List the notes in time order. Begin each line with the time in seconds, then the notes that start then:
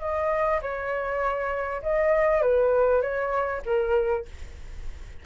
0.00 D#5
0.61 C#5
1.82 D#5
2.41 B4
3.02 C#5
3.65 A#4